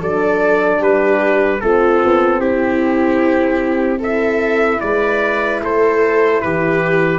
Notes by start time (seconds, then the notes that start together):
0.00 F#3 D4 A4 D5
0.79 G3 G4 B4
1.61 A3 C4 F4 A4
2.05 B3
2.40 C4 E4 G4
4.00 E4 A4 E5
4.81 G#3 B4 D5
5.62 A3 A4 C5
6.42 E3 G4 B4